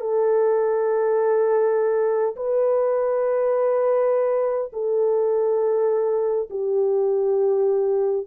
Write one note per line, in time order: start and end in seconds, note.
0.00 2.35 A4
2.36 4.71 B4
4.73 6.49 A4
6.50 8.26 G4